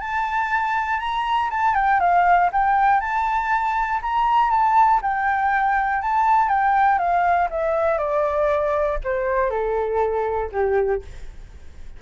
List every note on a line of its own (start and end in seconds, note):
0.00 1.00 A5
1.00 1.50 A#5
1.50 1.75 A5
1.75 2.00 G5
2.00 2.50 F5
2.52 3.00 G5
3.00 4.00 A5
4.02 4.50 A#5
4.50 5.00 A5
5.02 6.02 G5
6.02 6.49 A5
6.49 6.98 G5
6.98 7.48 F5
7.50 7.98 E5
7.98 8.98 D5
9.04 9.50 C5
9.50 10.50 A4
10.52 11.02 G4